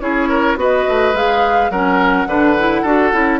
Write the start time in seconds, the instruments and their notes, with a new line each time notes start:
0.00 bassoon C#4, clarinet E4, oboe G#4, flute C#5
0.29 oboe A#4
0.56 bassoon B3, clarinet F#4, oboe B4, flute D#5
0.88 bassoon A3
1.13 bassoon G#3, clarinet G#4, flute F5
1.70 bassoon F#3, clarinet C#4, oboe A#4, flute F#5
2.26 bassoon D3, clarinet D4, oboe B4
2.59 clarinet E4
2.82 bassoon D4, clarinet F#4, oboe A4
3.12 bassoon C#4, clarinet E4